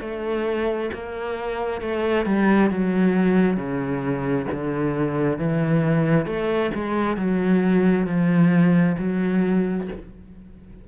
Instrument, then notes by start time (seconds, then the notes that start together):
cello
0.00 A3
0.93 A#3
1.81 A3
2.26 G3
2.70 F#3
3.57 C#3
4.51 D3
5.38 E3
6.26 A3
6.74 G#3
7.17 F#3
8.06 F3
8.98 F#3